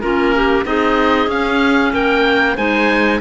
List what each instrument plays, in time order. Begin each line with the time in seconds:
0.00 cello A#3, clarinet C#4 F4, oboe A#4
0.34 clarinet G4
0.64 cello C4, clarinet D#4 G#4, oboe D#5
1.27 cello C#4, clarinet C#4, oboe F5
1.93 cello A#3, clarinet A#4, oboe G5
2.55 cello G#3, clarinet D#4 C5, oboe G#5